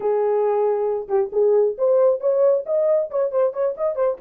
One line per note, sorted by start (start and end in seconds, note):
0.00 1.07 G#4
1.08 1.30 G4
1.32 1.76 G#4
1.78 2.20 C5
2.20 2.64 C#5
2.66 3.10 D#5
3.10 3.31 C#5
3.31 3.53 C5
3.53 3.75 C#5
3.77 3.95 D#5
3.95 4.17 C5